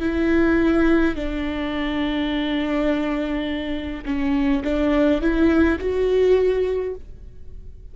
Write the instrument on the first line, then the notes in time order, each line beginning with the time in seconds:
viola
0.00 E4
1.15 D4
4.05 C#4
4.64 D4
5.21 E4
5.79 F#4